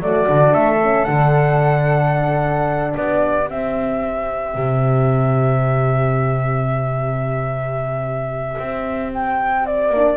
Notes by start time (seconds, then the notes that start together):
0.00 F#3 A3 F#4 D5
0.27 D3 D4
0.53 A3 A4 E5
0.83 C#4
1.04 D3 D4 F#5
2.94 B3 G4 D5
3.46 C4 E5
4.55 C3
8.59 C4
9.13 G5
9.66 D5
9.89 A#3 D4